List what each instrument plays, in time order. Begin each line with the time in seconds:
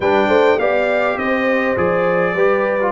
0.00 tuba G3, trombone D4, horn B4, trumpet G5
0.28 tuba A3, horn C5
0.58 tuba B3, trombone G4, horn D5, trumpet F5
1.17 tuba C4, horn C5, trumpet D#5
1.76 tuba F3, trombone G#4, trumpet D5
2.34 tuba G3, trombone G4, horn B4
2.80 trombone F4